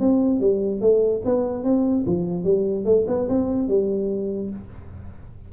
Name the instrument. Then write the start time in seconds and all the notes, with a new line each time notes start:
tuba
0.00 C4
0.40 G3
0.81 A3
1.25 B3
1.64 C4
2.06 F3
2.45 G3
2.85 A3
3.08 B3
3.29 C4
3.68 G3